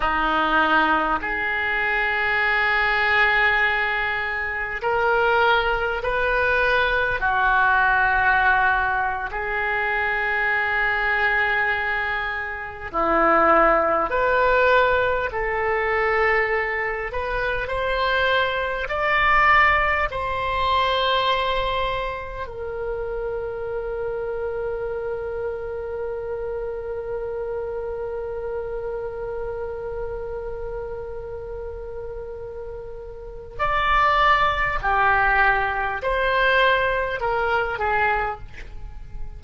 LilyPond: \new Staff \with { instrumentName = "oboe" } { \time 4/4 \tempo 4 = 50 dis'4 gis'2. | ais'4 b'4 fis'4.~ fis'16 gis'16~ | gis'2~ gis'8. e'4 b'16~ | b'8. a'4. b'8 c''4 d''16~ |
d''8. c''2 ais'4~ ais'16~ | ais'1~ | ais'1 | d''4 g'4 c''4 ais'8 gis'8 | }